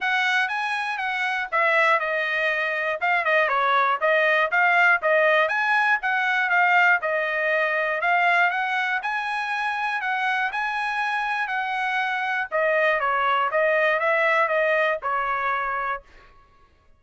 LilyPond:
\new Staff \with { instrumentName = "trumpet" } { \time 4/4 \tempo 4 = 120 fis''4 gis''4 fis''4 e''4 | dis''2 f''8 dis''8 cis''4 | dis''4 f''4 dis''4 gis''4 | fis''4 f''4 dis''2 |
f''4 fis''4 gis''2 | fis''4 gis''2 fis''4~ | fis''4 dis''4 cis''4 dis''4 | e''4 dis''4 cis''2 | }